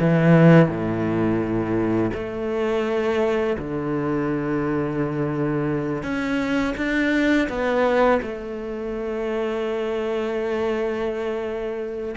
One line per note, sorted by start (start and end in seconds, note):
0.00 0.69 E3
0.69 2.11 A2
2.14 3.57 A3
3.58 6.03 D3
6.03 6.75 C#4
6.77 7.49 D4
7.49 8.21 B3
8.23 12.16 A3